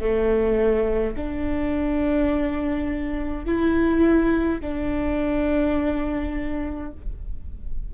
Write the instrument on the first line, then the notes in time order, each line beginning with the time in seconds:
viola
0.00 A3
1.16 D4
3.46 E4
4.61 D4